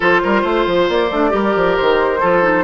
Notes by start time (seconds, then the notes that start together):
0.00 F3 F4 A4 C5
0.23 G3 A#4
0.41 A3 C5
0.66 F3
0.89 A#3 D5
1.10 A3 D4
1.29 G3 G4 A#4
1.55 F3
1.77 D#3 C5
2.20 F3 F4 A4
2.42 D#4